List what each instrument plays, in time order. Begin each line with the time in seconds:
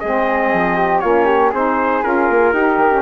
0.00 bassoon G#3, saxophone C4, flute G#4, trumpet D#5
0.53 bassoon F3
0.76 flute G4
1.00 bassoon A#3, saxophone C#4, flute F4, trumpet C#5
1.25 flute G4
1.50 bassoon C4, saxophone D#4, flute G#4, trumpet C5
2.03 bassoon C#4, saxophone F4, trumpet A#4
2.30 bassoon A#3
2.52 bassoon D#4, saxophone D#4, flute G4
2.77 bassoon D#3
2.92 saxophone C#4